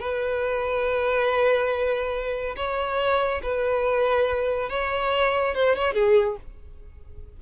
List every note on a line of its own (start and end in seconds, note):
0.00 2.55 B4
2.56 3.41 C#5
3.43 4.70 B4
4.70 5.55 C#5
5.55 5.76 C5
5.76 5.94 C#5
5.94 6.37 G#4